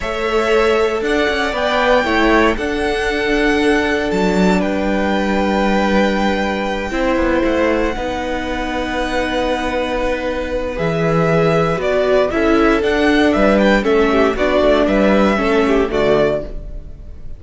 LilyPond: <<
  \new Staff \with { instrumentName = "violin" } { \time 4/4 \tempo 4 = 117 e''2 fis''4 g''4~ | g''4 fis''2. | a''4 g''2.~ | g''2~ g''8 fis''4.~ |
fis''1~ | fis''4 e''2 d''4 | e''4 fis''4 e''8 g''8 e''4 | d''4 e''2 d''4 | }
  \new Staff \with { instrumentName = "violin" } { \time 4/4 cis''2 d''2 | cis''4 a'2.~ | a'4 b'2.~ | b'4. c''2 b'8~ |
b'1~ | b'1 | a'2 b'4 a'8 g'8 | fis'4 b'4 a'8 g'8 fis'4 | }
  \new Staff \with { instrumentName = "viola" } { \time 4/4 a'2. b'4 | e'4 d'2.~ | d'1~ | d'4. e'2 dis'8~ |
dis'1~ | dis'4 gis'2 fis'4 | e'4 d'2 cis'4 | d'2 cis'4 a4 | }
  \new Staff \with { instrumentName = "cello" } { \time 4/4 a2 d'8 cis'8 b4 | a4 d'2. | fis4 g2.~ | g4. c'8 b8 a4 b8~ |
b1~ | b4 e2 b4 | cis'4 d'4 g4 a4 | b8 a8 g4 a4 d4 | }
>>